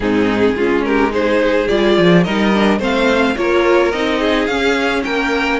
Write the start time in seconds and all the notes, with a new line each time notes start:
0.00 G#2 C4 D#4 G#4
0.55 G#3 C#4 F4
0.84 G4 A#4
1.10 D#4 G#4 C5
1.68 G3 F4 D5
1.98 F3
2.23 G3 D#4 A#4 D#5
2.53 D4
2.79 A3 C4 C5 F5
3.36 A#3 F4 A#4 C#5
3.91 C4 D#4 D#5
4.19 G#4
4.46 C#4 F5
5.04 A#3 A#4 G5